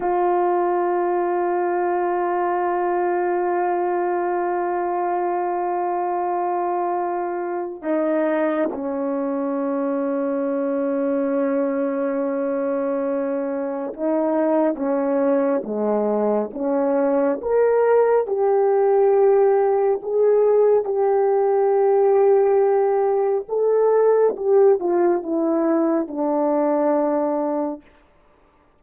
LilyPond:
\new Staff \with { instrumentName = "horn" } { \time 4/4 \tempo 4 = 69 f'1~ | f'1~ | f'4 dis'4 cis'2~ | cis'1 |
dis'4 cis'4 gis4 cis'4 | ais'4 g'2 gis'4 | g'2. a'4 | g'8 f'8 e'4 d'2 | }